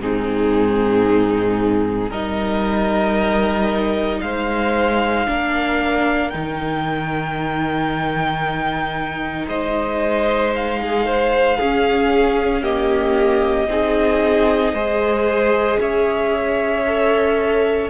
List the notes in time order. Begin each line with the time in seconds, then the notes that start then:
0.00 G#2 C4 D#4 G#4
2.10 G3 D#4 A#4 D#5
4.22 G#3 C5 F5
5.27 A#3 D4 A#4
6.30 D#3 D#4 G5
9.48 G#3 C5 D#5
10.56 F5
10.83 G#4
11.06 C5
11.58 C#4 G#4
12.63 A#3 G4 D#5
13.68 C4 D#4 G#4
14.73 G#3 G#4 C5
15.80 C#4 C#5 E5
16.87 A4